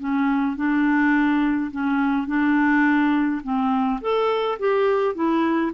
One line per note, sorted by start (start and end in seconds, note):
0.00 0.57 C#4
0.57 1.71 D4
1.72 2.28 C#4
2.28 3.42 D4
3.43 4.01 C4
4.02 4.59 A4
4.59 5.15 G4
5.15 5.72 E4